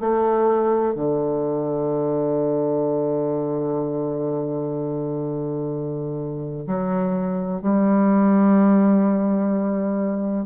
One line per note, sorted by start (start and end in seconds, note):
0.00 0.95 A3
0.95 6.67 D3
6.67 7.62 F#3
7.62 10.46 G3